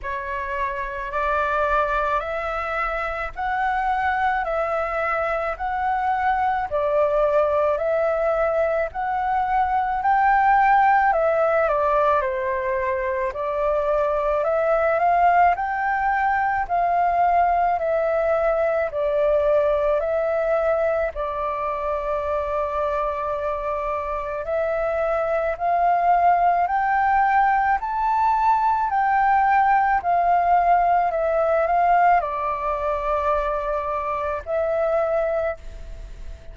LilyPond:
\new Staff \with { instrumentName = "flute" } { \time 4/4 \tempo 4 = 54 cis''4 d''4 e''4 fis''4 | e''4 fis''4 d''4 e''4 | fis''4 g''4 e''8 d''8 c''4 | d''4 e''8 f''8 g''4 f''4 |
e''4 d''4 e''4 d''4~ | d''2 e''4 f''4 | g''4 a''4 g''4 f''4 | e''8 f''8 d''2 e''4 | }